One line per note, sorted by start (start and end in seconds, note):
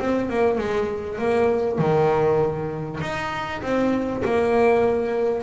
0.00 0.30 C4
0.30 0.58 A#3
0.58 1.19 G#3
1.19 1.79 A#3
1.79 3.00 D#3
3.01 3.62 D#4
3.63 4.23 C4
4.25 5.44 A#3